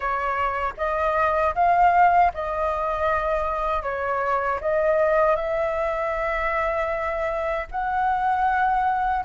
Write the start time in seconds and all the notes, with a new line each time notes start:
0.00 C#5
0.77 D#5
1.55 F5
2.34 D#5
3.82 C#5
4.60 D#5
5.36 E5
7.71 F#5